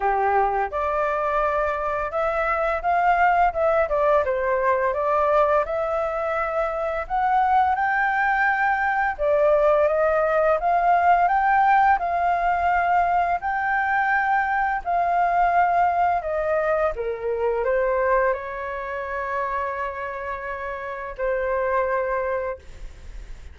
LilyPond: \new Staff \with { instrumentName = "flute" } { \time 4/4 \tempo 4 = 85 g'4 d''2 e''4 | f''4 e''8 d''8 c''4 d''4 | e''2 fis''4 g''4~ | g''4 d''4 dis''4 f''4 |
g''4 f''2 g''4~ | g''4 f''2 dis''4 | ais'4 c''4 cis''2~ | cis''2 c''2 | }